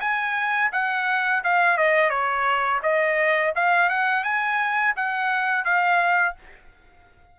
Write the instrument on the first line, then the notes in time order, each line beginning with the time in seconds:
trumpet
0.00 G#5
0.73 F#5
1.44 F5
1.77 D#5
2.10 C#5
2.83 D#5
3.56 F5
3.90 F#5
4.24 G#5
4.96 F#5
5.65 F5